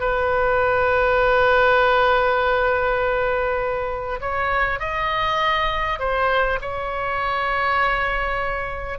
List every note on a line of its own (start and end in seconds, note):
0.00 4.20 B4
4.21 4.79 C#5
4.79 5.99 D#5
5.99 6.59 C5
6.61 8.99 C#5